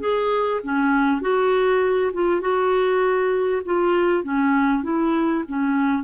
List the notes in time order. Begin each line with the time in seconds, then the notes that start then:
0.00 G#4
0.64 C#4
1.21 F#4
2.13 F4
2.40 F#4
3.65 F4
4.23 C#4
4.83 E4
5.48 C#4